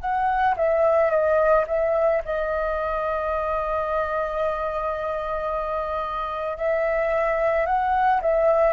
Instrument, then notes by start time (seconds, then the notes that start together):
flute
0.00 F#5
0.57 E5
1.10 D#5
1.67 E5
2.25 D#5
6.58 E5
7.66 F#5
8.22 E5